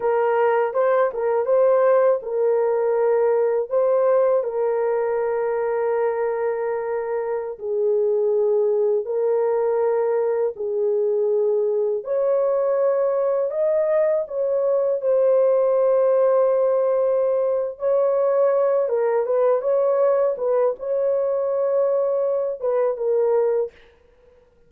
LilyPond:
\new Staff \with { instrumentName = "horn" } { \time 4/4 \tempo 4 = 81 ais'4 c''8 ais'8 c''4 ais'4~ | ais'4 c''4 ais'2~ | ais'2~ ais'16 gis'4.~ gis'16~ | gis'16 ais'2 gis'4.~ gis'16~ |
gis'16 cis''2 dis''4 cis''8.~ | cis''16 c''2.~ c''8. | cis''4. ais'8 b'8 cis''4 b'8 | cis''2~ cis''8 b'8 ais'4 | }